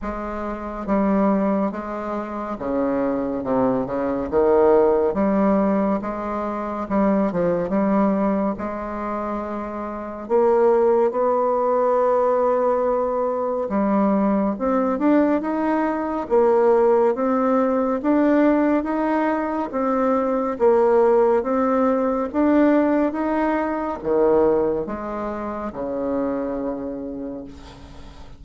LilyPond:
\new Staff \with { instrumentName = "bassoon" } { \time 4/4 \tempo 4 = 70 gis4 g4 gis4 cis4 | c8 cis8 dis4 g4 gis4 | g8 f8 g4 gis2 | ais4 b2. |
g4 c'8 d'8 dis'4 ais4 | c'4 d'4 dis'4 c'4 | ais4 c'4 d'4 dis'4 | dis4 gis4 cis2 | }